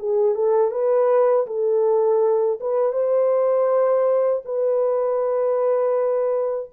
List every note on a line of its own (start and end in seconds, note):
0.00 0.35 G#4
0.35 0.72 A4
0.72 1.47 B4
1.47 2.60 A4
2.61 2.93 B4
2.93 4.43 C5
4.46 6.71 B4